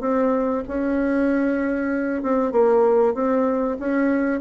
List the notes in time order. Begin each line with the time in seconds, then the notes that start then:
0.00 C4
0.68 C#4
2.22 C4
2.52 A#3
3.14 C4
3.80 C#4